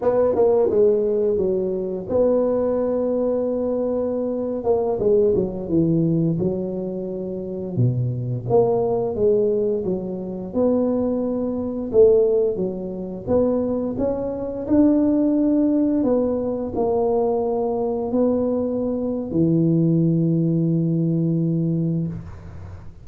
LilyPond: \new Staff \with { instrumentName = "tuba" } { \time 4/4 \tempo 4 = 87 b8 ais8 gis4 fis4 b4~ | b2~ b8. ais8 gis8 fis16~ | fis16 e4 fis2 b,8.~ | b,16 ais4 gis4 fis4 b8.~ |
b4~ b16 a4 fis4 b8.~ | b16 cis'4 d'2 b8.~ | b16 ais2 b4.~ b16 | e1 | }